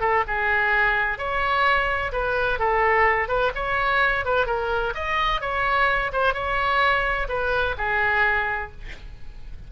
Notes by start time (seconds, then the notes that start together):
0.00 A4
0.27 G#4
1.18 C#5
2.12 B4
2.59 A4
3.28 B4
3.55 C#5
4.25 B4
4.46 A#4
4.94 D#5
5.41 C#5
6.12 C5
6.33 C#5
7.28 B4
7.77 G#4